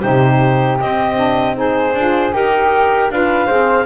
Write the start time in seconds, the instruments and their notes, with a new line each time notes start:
0.00 double bass C3, saxophone D#4, flute G4, clarinet C5
0.80 double bass C4, saxophone C4, clarinet D#5
1.16 saxophone D4
1.55 saxophone D#4, flute G#4, clarinet C5
1.94 double bass D4, saxophone F4
2.32 double bass D#4, saxophone G4, flute G4, clarinet A#4
3.10 double bass D4, saxophone F4, flute B4, clarinet F5
3.46 double bass C4, saxophone G#4, flute C5